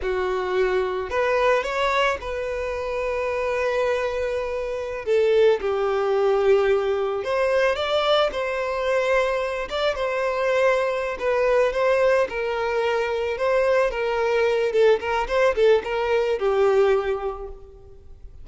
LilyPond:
\new Staff \with { instrumentName = "violin" } { \time 4/4 \tempo 4 = 110 fis'2 b'4 cis''4 | b'1~ | b'4~ b'16 a'4 g'4.~ g'16~ | g'4~ g'16 c''4 d''4 c''8.~ |
c''4.~ c''16 d''8 c''4.~ c''16~ | c''8 b'4 c''4 ais'4.~ | ais'8 c''4 ais'4. a'8 ais'8 | c''8 a'8 ais'4 g'2 | }